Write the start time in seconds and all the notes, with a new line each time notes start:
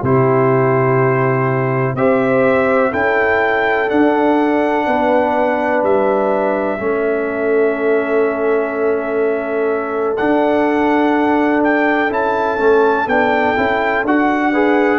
0.00 C3 E4 G4 C5
1.95 C4 G4 C5 E5
2.92 C#4 E4 A4 G5
3.89 D4 F#5
4.87 B3 B4
5.83 G3 E5
6.79 A3 C#4 A4
10.17 D4 F#5
11.64 G5
12.10 C#4 E4 A5
12.58 A3 C#4
13.07 B3 D4 G5
13.56 C#4 E4
14.04 D4 F#4 F#5
14.52 G#4 B4